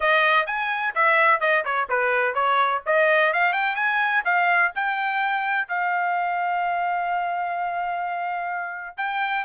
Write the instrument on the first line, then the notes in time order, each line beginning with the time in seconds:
trumpet
0.00 D#5
0.46 G#5
0.94 E5
1.40 D#5
1.64 C#5
1.89 B4
2.34 C#5
2.85 D#5
3.33 F5
3.52 G5
3.75 G#5
4.24 F5
4.75 G5
5.68 F5
8.97 G5